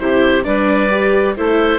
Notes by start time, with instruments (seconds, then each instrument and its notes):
0.00 bassoon C3, viola E4, clarinet G4, oboe C5
0.44 bassoon G3, viola D4, clarinet B4, oboe D5
0.90 viola G4
1.36 bassoon A3, viola E4, clarinet A4, oboe C5